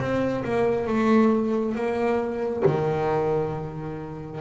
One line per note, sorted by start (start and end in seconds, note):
0.00 0.44 C4
0.45 0.87 A#3
0.87 1.75 A3
1.75 2.64 A#3
2.66 4.41 D#3